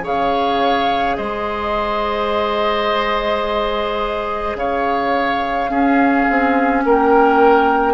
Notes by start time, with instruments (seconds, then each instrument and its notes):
0.00 bassoon C#3, clarinet G#4, oboe C#5
0.06 flute F5
1.17 bassoon G#3, oboe C5, flute D#5
4.55 bassoon C#3, oboe C#5, flute F5
5.69 bassoon C#4, clarinet C#4, oboe G#4
6.29 bassoon C4
6.84 bassoon A#3, oboe A#4, flute G5